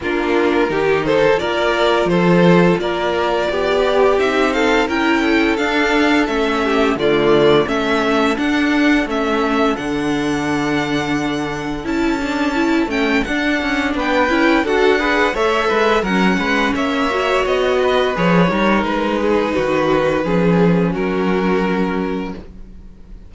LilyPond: <<
  \new Staff \with { instrumentName = "violin" } { \time 4/4 \tempo 4 = 86 ais'4. c''8 d''4 c''4 | d''2 e''8 f''8 g''4 | f''4 e''4 d''4 e''4 | fis''4 e''4 fis''2~ |
fis''4 a''4. g''8 fis''4 | g''4 fis''4 e''4 fis''4 | e''4 dis''4 cis''4 b'4~ | b'2 ais'2 | }
  \new Staff \with { instrumentName = "violin" } { \time 4/4 f'4 g'8 a'8 ais'4 a'4 | ais'4 g'4. a'8 ais'8 a'8~ | a'4. g'8 f'4 a'4~ | a'1~ |
a'1 | b'4 a'8 b'8 cis''8 b'8 ais'8 b'8 | cis''4. b'4 ais'4 gis'8 | fis'4 gis'4 fis'2 | }
  \new Staff \with { instrumentName = "viola" } { \time 4/4 d'4 dis'4 f'2~ | f'4. g'8 dis'4 e'4 | d'4 cis'4 a4 cis'4 | d'4 cis'4 d'2~ |
d'4 e'8 d'8 e'8 cis'8 d'4~ | d'8 e'8 fis'8 gis'8 a'4 cis'4~ | cis'8 fis'4. gis'8 dis'4.~ | dis'4 cis'2. | }
  \new Staff \with { instrumentName = "cello" } { \time 4/4 ais4 dis4 ais4 f4 | ais4 b4 c'4 cis'4 | d'4 a4 d4 a4 | d'4 a4 d2~ |
d4 cis'4. a8 d'8 cis'8 | b8 cis'8 d'4 a8 gis8 fis8 gis8 | ais4 b4 f8 g8 gis4 | dis4 f4 fis2 | }
>>